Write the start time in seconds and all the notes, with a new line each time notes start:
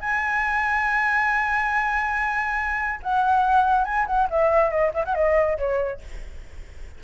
0.00 G#5
3.02 F#5
3.85 G#5
4.07 F#5
4.30 E5
4.70 D#5
4.93 E5
5.05 F#5
5.14 D#5
5.58 C#5